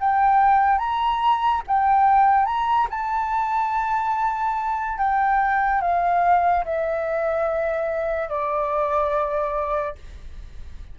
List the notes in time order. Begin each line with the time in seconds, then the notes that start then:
0.00 G5
0.79 A#5
1.67 G5
2.46 A#5
2.91 A5
4.98 G5
5.81 F5
6.65 E5
8.29 D5